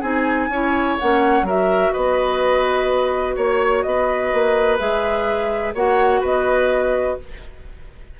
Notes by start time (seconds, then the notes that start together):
0.00 C4 D#4 G#4 G#5
0.49 C#4 E4 C#5
0.99 A#3 C#4 F#5
1.42 F#3 F#4 A#4
1.49 E5
1.92 B3 B4 D#5
3.36 A#3 C#5
3.82 B3 B4 D#5
4.33 A#3
4.79 G#3 G#4 E5
5.74 A#3 F#4 C#5 F#5
6.21 B3 B4 D#5